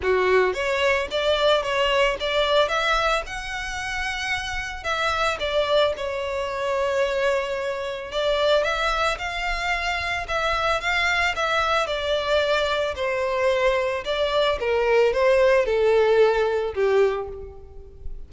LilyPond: \new Staff \with { instrumentName = "violin" } { \time 4/4 \tempo 4 = 111 fis'4 cis''4 d''4 cis''4 | d''4 e''4 fis''2~ | fis''4 e''4 d''4 cis''4~ | cis''2. d''4 |
e''4 f''2 e''4 | f''4 e''4 d''2 | c''2 d''4 ais'4 | c''4 a'2 g'4 | }